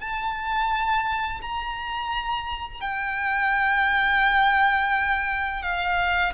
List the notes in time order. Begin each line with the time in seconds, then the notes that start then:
0.00 A5
1.41 A#5
2.81 G5
5.62 F5